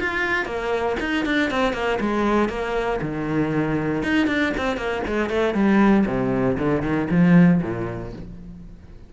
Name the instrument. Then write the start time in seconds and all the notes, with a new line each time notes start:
cello
0.00 F4
0.46 A#3
1.00 D#4
1.26 D4
1.51 C4
1.74 A#3
2.01 G#3
2.49 A#3
3.02 D#3
4.04 D#4
4.28 D4
4.58 C4
4.78 A#3
5.08 G#3
5.30 A3
5.54 G3
6.07 C3
6.58 D3
6.83 D#3
7.11 F3
7.63 A#2